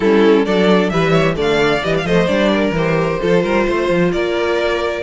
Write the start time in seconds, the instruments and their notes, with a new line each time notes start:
0.00 cello G3, viola C#4, violin E4 A4
0.45 cello F#3, viola D4, violin A4 D5
0.89 cello E3, viola G3, violin B4 E5
1.11 violin C#5
1.34 cello D3, viola A3, violin D5
1.41 violin F5
1.83 cello E3, viola G3, violin D#5
1.97 violin F5
2.04 cello F3, viola A3, violin C5 D#5
2.27 cello G3, viola D4, violin D5
2.51 violin A#4
2.70 cello E3
2.76 viola G4, violin C5
3.20 cello F3, viola F4, violin A4
3.43 cello G3, violin A#4
3.66 cello A3, violin C5
3.89 cello F3
4.12 cello A#3, violin A#4 D5